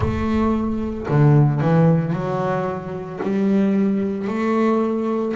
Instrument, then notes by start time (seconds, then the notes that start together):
double bass
0.00 A3
1.08 D3
1.61 E3
2.12 F#3
3.22 G3
4.27 A3